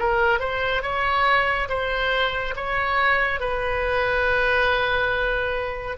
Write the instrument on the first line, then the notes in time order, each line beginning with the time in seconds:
oboe
0.00 A#4
0.40 C5
0.83 C#5
1.69 C5
2.57 C#5
3.41 B4